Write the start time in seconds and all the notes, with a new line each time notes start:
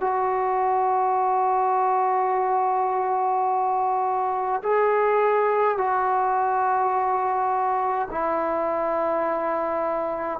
0.00 F#4
4.63 G#4
5.77 F#4
8.10 E4